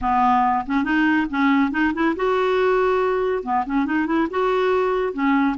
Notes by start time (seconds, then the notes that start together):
0.01 B3
0.66 C#4
0.84 D#4
1.30 C#4
1.71 D#4
1.93 E4
2.16 F#4
3.43 B3
3.65 C#4
3.85 D#4
4.06 E4
4.30 F#4
5.13 C#4